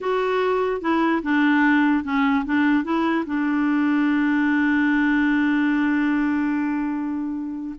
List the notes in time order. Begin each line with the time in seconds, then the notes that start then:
0.01 F#4
0.81 E4
1.22 D4
2.04 C#4
2.45 D4
2.83 E4
3.26 D4